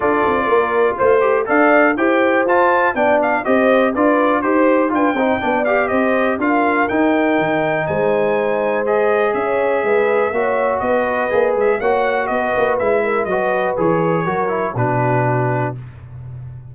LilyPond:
<<
  \new Staff \with { instrumentName = "trumpet" } { \time 4/4 \tempo 4 = 122 d''2 c''4 f''4 | g''4 a''4 g''8 f''8 dis''4 | d''4 c''4 g''4. f''8 | dis''4 f''4 g''2 |
gis''2 dis''4 e''4~ | e''2 dis''4. e''8 | fis''4 dis''4 e''4 dis''4 | cis''2 b'2 | }
  \new Staff \with { instrumentName = "horn" } { \time 4/4 a'4 ais'4 c''4 d''4 | c''2 d''4 c''4 | b'4 c''4 b'8 c''8 d''4 | c''4 ais'2. |
c''2. cis''4 | b'4 cis''4 b'2 | cis''4 b'4. ais'8 b'4~ | b'4 ais'4 fis'2 | }
  \new Staff \with { instrumentName = "trombone" } { \time 4/4 f'2~ f'8 g'8 a'4 | g'4 f'4 d'4 g'4 | f'4 g'4 f'8 dis'8 d'8 g'8~ | g'4 f'4 dis'2~ |
dis'2 gis'2~ | gis'4 fis'2 gis'4 | fis'2 e'4 fis'4 | gis'4 fis'8 e'8 d'2 | }
  \new Staff \with { instrumentName = "tuba" } { \time 4/4 d'8 c'8 ais4 a4 d'4 | e'4 f'4 b4 c'4 | d'4 dis'4 d'8 c'8 b4 | c'4 d'4 dis'4 dis4 |
gis2. cis'4 | gis4 ais4 b4 ais8 gis8 | ais4 b8 ais8 gis4 fis4 | e4 fis4 b,2 | }
>>